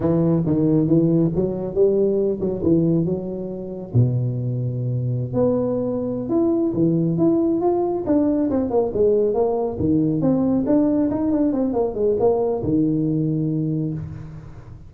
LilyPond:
\new Staff \with { instrumentName = "tuba" } { \time 4/4 \tempo 4 = 138 e4 dis4 e4 fis4 | g4. fis8 e4 fis4~ | fis4 b,2.~ | b,16 b2~ b16 e'4 e8~ |
e8 e'4 f'4 d'4 c'8 | ais8 gis4 ais4 dis4 c'8~ | c'8 d'4 dis'8 d'8 c'8 ais8 gis8 | ais4 dis2. | }